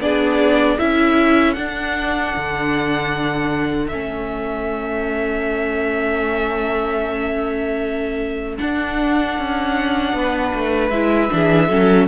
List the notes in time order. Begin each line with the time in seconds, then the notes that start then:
0.00 B3 D4 G#4 D5
0.79 C#4 E4 A4 E5
1.54 D4 F#5
2.37 D3
3.89 A3 C#4 E5
8.58 D4 F#5
9.39 C#4
10.14 B3 B4
10.54 A3
10.91 G#3 E4 E5
11.30 E3 D4 G#4
11.69 F#3 C#4 A4